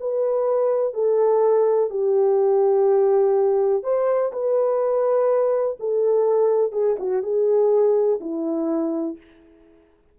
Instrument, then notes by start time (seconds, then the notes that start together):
horn
0.00 B4
0.94 A4
1.90 G4
3.83 C5
4.32 B4
5.80 A4
6.72 G#4
6.99 F#4
7.23 G#4
8.20 E4